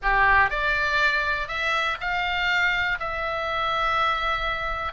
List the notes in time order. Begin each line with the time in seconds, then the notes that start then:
0.02 G4
0.50 D5
1.48 E5
2.00 F5
2.99 E5